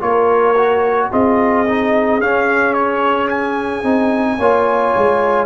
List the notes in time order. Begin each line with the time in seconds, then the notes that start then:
0.00 A#3 F4 A#4 C#5
0.56 F#4
1.11 C4 F4 G#4 D#5
1.66 D#4
2.19 C#4 F5
2.73 C#5
3.29 G#5
3.83 C4 D#4
4.37 A#3 F4 C#5
4.96 G#3